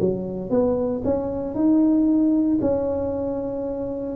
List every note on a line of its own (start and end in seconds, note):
0.00 0.50 F#3
0.50 1.02 B3
1.05 1.55 C#4
1.55 2.59 D#4
2.61 4.16 C#4